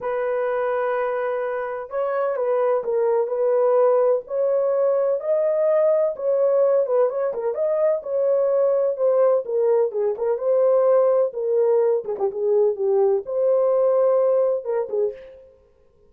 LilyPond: \new Staff \with { instrumentName = "horn" } { \time 4/4 \tempo 4 = 127 b'1 | cis''4 b'4 ais'4 b'4~ | b'4 cis''2 dis''4~ | dis''4 cis''4. b'8 cis''8 ais'8 |
dis''4 cis''2 c''4 | ais'4 gis'8 ais'8 c''2 | ais'4. gis'16 g'16 gis'4 g'4 | c''2. ais'8 gis'8 | }